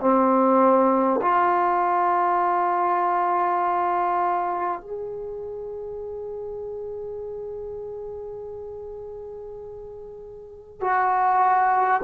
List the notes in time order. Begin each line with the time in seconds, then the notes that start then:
0.00 C4
1.21 F4
4.80 G#4
10.81 F#4